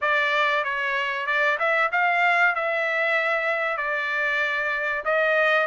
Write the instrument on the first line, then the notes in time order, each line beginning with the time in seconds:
trumpet
0.01 D5
0.63 C#5
1.26 D5
1.59 E5
1.91 F5
2.55 E5
3.77 D5
5.04 D#5